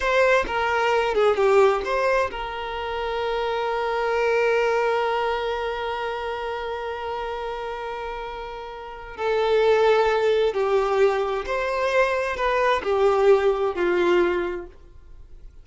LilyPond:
\new Staff \with { instrumentName = "violin" } { \time 4/4 \tempo 4 = 131 c''4 ais'4. gis'8 g'4 | c''4 ais'2.~ | ais'1~ | ais'1~ |
ais'1 | a'2. g'4~ | g'4 c''2 b'4 | g'2 f'2 | }